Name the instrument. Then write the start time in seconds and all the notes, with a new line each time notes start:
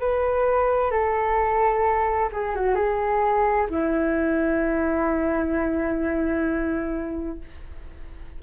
flute
0.00 B4
0.91 A4
2.32 G#4
2.55 F#4
2.75 G#4
3.70 E4